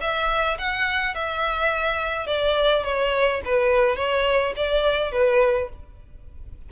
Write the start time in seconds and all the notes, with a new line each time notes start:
0.00 E5
0.58 F#5
1.14 E5
2.26 D5
2.83 C#5
3.45 B4
3.96 C#5
4.56 D5
5.12 B4